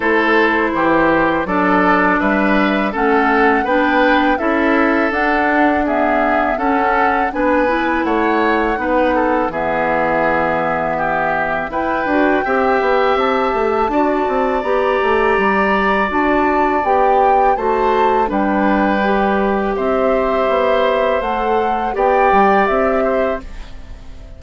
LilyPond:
<<
  \new Staff \with { instrumentName = "flute" } { \time 4/4 \tempo 4 = 82 c''2 d''4 e''4 | fis''4 g''4 e''4 fis''4 | e''4 fis''4 gis''4 fis''4~ | fis''4 e''2. |
g''2 a''2 | ais''2 a''4 g''4 | a''4 g''2 e''4~ | e''4 fis''4 g''4 e''4 | }
  \new Staff \with { instrumentName = "oboe" } { \time 4/4 a'4 g'4 a'4 b'4 | a'4 b'4 a'2 | gis'4 a'4 b'4 cis''4 | b'8 a'8 gis'2 g'4 |
b'4 e''2 d''4~ | d''1 | c''4 b'2 c''4~ | c''2 d''4. c''8 | }
  \new Staff \with { instrumentName = "clarinet" } { \time 4/4 e'2 d'2 | cis'4 d'4 e'4 d'4 | b4 cis'4 d'8 e'4. | dis'4 b2. |
e'8 fis'8 g'2 fis'4 | g'2 fis'4 g'4 | fis'4 d'4 g'2~ | g'4 a'4 g'2 | }
  \new Staff \with { instrumentName = "bassoon" } { \time 4/4 a4 e4 fis4 g4 | a4 b4 cis'4 d'4~ | d'4 cis'4 b4 a4 | b4 e2. |
e'8 d'8 c'8 b8 c'8 a8 d'8 c'8 | b8 a8 g4 d'4 b4 | a4 g2 c'4 | b4 a4 b8 g8 c'4 | }
>>